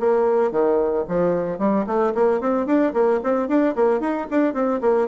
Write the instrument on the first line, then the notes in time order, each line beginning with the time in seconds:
bassoon
0.00 A#3
0.52 D#3
1.09 F3
1.59 G3
1.87 A3
2.15 A#3
2.41 C4
2.67 D4
2.94 A#3
3.24 C4
3.49 D4
3.76 A#3
4.01 D#4
4.31 D4
4.54 C4
4.81 A#3